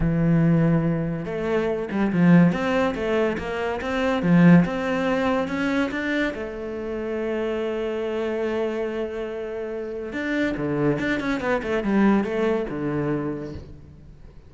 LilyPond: \new Staff \with { instrumentName = "cello" } { \time 4/4 \tempo 4 = 142 e2. a4~ | a8 g8 f4 c'4 a4 | ais4 c'4 f4 c'4~ | c'4 cis'4 d'4 a4~ |
a1~ | a1 | d'4 d4 d'8 cis'8 b8 a8 | g4 a4 d2 | }